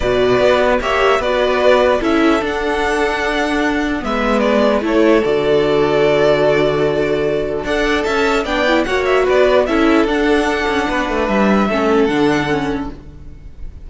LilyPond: <<
  \new Staff \with { instrumentName = "violin" } { \time 4/4 \tempo 4 = 149 d''2 e''4 d''4~ | d''4 e''4 fis''2~ | fis''2 e''4 d''4 | cis''4 d''2.~ |
d''2. fis''4 | a''4 g''4 fis''8 e''8 d''4 | e''4 fis''2. | e''2 fis''2 | }
  \new Staff \with { instrumentName = "violin" } { \time 4/4 b'2 cis''4 b'4~ | b'4 a'2.~ | a'2 b'2 | a'1~ |
a'2. d''4 | e''4 d''4 cis''4 b'4 | a'2. b'4~ | b'4 a'2. | }
  \new Staff \with { instrumentName = "viola" } { \time 4/4 fis'2 g'4 fis'4~ | fis'4 e'4 d'2~ | d'2 b2 | e'4 fis'2.~ |
fis'2. a'4~ | a'4 d'8 e'8 fis'2 | e'4 d'2.~ | d'4 cis'4 d'4 cis'4 | }
  \new Staff \with { instrumentName = "cello" } { \time 4/4 b,4 b4 ais4 b4~ | b4 cis'4 d'2~ | d'2 gis2 | a4 d2.~ |
d2. d'4 | cis'4 b4 ais4 b4 | cis'4 d'4. cis'8 b8 a8 | g4 a4 d2 | }
>>